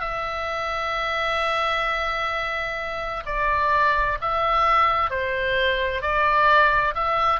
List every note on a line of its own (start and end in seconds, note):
0.00 3.23 E5
3.26 4.18 D5
4.21 5.10 E5
5.10 6.01 C5
6.01 6.94 D5
6.94 7.40 E5